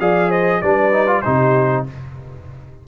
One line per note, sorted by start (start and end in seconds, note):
0.00 0.62 F3
0.00 0.62 G#4
0.00 0.29 D5
0.00 0.31 F5
0.29 0.60 C5
0.29 0.62 D#5
0.62 1.24 G3
0.62 0.93 D4
0.62 1.24 B4
0.62 1.22 D5
0.93 1.07 D#4
1.07 1.23 F4
1.22 1.88 C3
1.22 1.87 D#4
1.22 1.86 G4
1.22 1.84 C5